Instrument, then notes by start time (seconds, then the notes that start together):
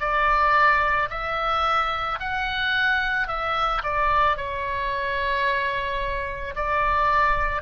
oboe
0.00 D5
1.10 E5
2.20 F#5
3.27 E5
3.83 D5
4.36 C#5
6.55 D5